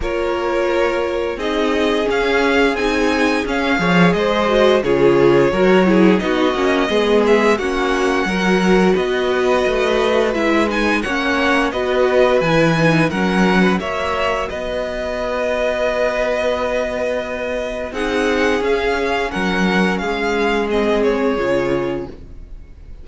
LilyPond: <<
  \new Staff \with { instrumentName = "violin" } { \time 4/4 \tempo 4 = 87 cis''2 dis''4 f''4 | gis''4 f''4 dis''4 cis''4~ | cis''4 dis''4. e''8 fis''4~ | fis''4 dis''2 e''8 gis''8 |
fis''4 dis''4 gis''4 fis''4 | e''4 dis''2.~ | dis''2 fis''4 f''4 | fis''4 f''4 dis''8 cis''4. | }
  \new Staff \with { instrumentName = "violin" } { \time 4/4 ais'2 gis'2~ | gis'4. cis''8 c''4 gis'4 | ais'8 gis'8 fis'4 gis'4 fis'4 | ais'4 b'2. |
cis''4 b'2 ais'8. b'16 | cis''4 b'2.~ | b'2 gis'2 | ais'4 gis'2. | }
  \new Staff \with { instrumentName = "viola" } { \time 4/4 f'2 dis'4 cis'4 | dis'4 cis'8 gis'4 fis'8 f'4 | fis'8 e'8 dis'8 cis'8 b4 cis'4 | fis'2. e'8 dis'8 |
cis'4 fis'4 e'8 dis'8 cis'4 | fis'1~ | fis'2 dis'4 cis'4~ | cis'2 c'4 f'4 | }
  \new Staff \with { instrumentName = "cello" } { \time 4/4 ais2 c'4 cis'4 | c'4 cis'8 f8 gis4 cis4 | fis4 b8 ais8 gis4 ais4 | fis4 b4 a4 gis4 |
ais4 b4 e4 fis4 | ais4 b2.~ | b2 c'4 cis'4 | fis4 gis2 cis4 | }
>>